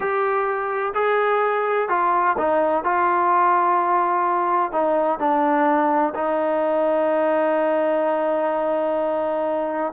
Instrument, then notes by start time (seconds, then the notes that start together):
trombone
0.00 G4
0.94 G#4
1.89 F4
2.38 D#4
2.83 F4
4.72 D#4
5.19 D4
6.14 D#4